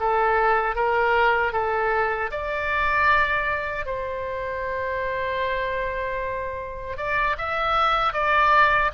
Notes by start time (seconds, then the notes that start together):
0.00 A4
0.75 A#4
1.53 A4
2.31 D5
3.86 C5
6.97 D5
7.38 E5
8.13 D5